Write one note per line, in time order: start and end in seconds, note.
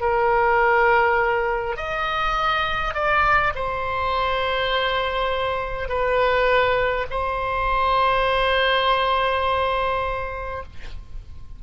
0.00 1.76 A#4
1.76 2.94 D#5
2.94 3.53 D5
3.55 5.88 C5
5.88 7.06 B4
7.10 10.63 C5